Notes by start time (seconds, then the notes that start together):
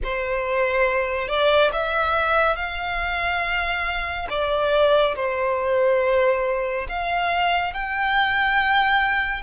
0.03 C5
1.28 D5
1.72 E5
2.56 F5
4.29 D5
5.15 C5
6.88 F5
7.73 G5